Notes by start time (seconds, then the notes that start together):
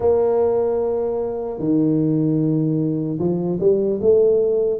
0.00 A#3
1.58 D#3
3.19 F3
3.59 G3
4.01 A3